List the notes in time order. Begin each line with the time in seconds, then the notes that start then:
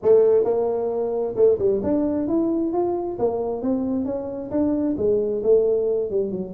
0.02 A3
0.44 A#3
1.35 A3
1.58 G3
1.83 D4
2.27 E4
2.72 F4
3.18 A#3
3.62 C4
4.05 C#4
4.50 D4
4.97 G#3
5.43 A3
6.10 G3
6.31 F#3